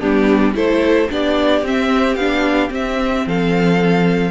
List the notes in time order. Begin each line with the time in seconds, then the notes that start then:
0.00 G3 B3 D4 G4
0.54 A3 E4 A4 C5
1.09 B3 D4 G4 D5
1.62 C4 E5
2.16 B3 D4 F5
2.70 C4 E5
3.26 F3 A4 F5